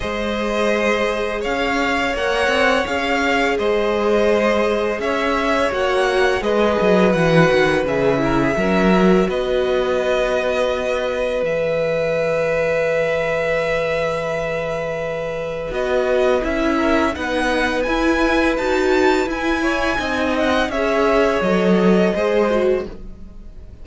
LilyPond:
<<
  \new Staff \with { instrumentName = "violin" } { \time 4/4 \tempo 4 = 84 dis''2 f''4 fis''4 | f''4 dis''2 e''4 | fis''4 dis''4 fis''4 e''4~ | e''4 dis''2. |
e''1~ | e''2 dis''4 e''4 | fis''4 gis''4 a''4 gis''4~ | gis''8 fis''8 e''4 dis''2 | }
  \new Staff \with { instrumentName = "violin" } { \time 4/4 c''2 cis''2~ | cis''4 c''2 cis''4~ | cis''4 b'2~ b'8 ais'16 gis'16 | ais'4 b'2.~ |
b'1~ | b'2.~ b'8 ais'8 | b'2.~ b'8 cis''8 | dis''4 cis''2 c''4 | }
  \new Staff \with { instrumentName = "viola" } { \time 4/4 gis'2. ais'4 | gis'1 | fis'4 gis'4 fis'4 gis'8 e'8 | cis'8 fis'2.~ fis'8 |
gis'1~ | gis'2 fis'4 e'4 | dis'4 e'4 fis'4 e'4 | dis'4 gis'4 a'4 gis'8 fis'8 | }
  \new Staff \with { instrumentName = "cello" } { \time 4/4 gis2 cis'4 ais8 c'8 | cis'4 gis2 cis'4 | ais4 gis8 fis8 e8 dis8 cis4 | fis4 b2. |
e1~ | e2 b4 cis'4 | b4 e'4 dis'4 e'4 | c'4 cis'4 fis4 gis4 | }
>>